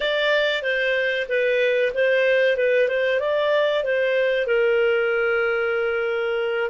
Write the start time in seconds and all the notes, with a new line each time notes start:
0.00 D5
0.62 C5
1.28 B4
1.94 C5
2.56 B4
2.88 C5
3.20 D5
3.84 C5
4.47 A#4